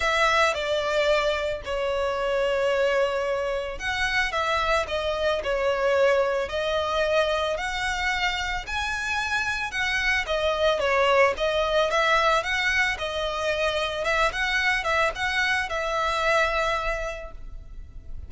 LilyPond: \new Staff \with { instrumentName = "violin" } { \time 4/4 \tempo 4 = 111 e''4 d''2 cis''4~ | cis''2. fis''4 | e''4 dis''4 cis''2 | dis''2 fis''2 |
gis''2 fis''4 dis''4 | cis''4 dis''4 e''4 fis''4 | dis''2 e''8 fis''4 e''8 | fis''4 e''2. | }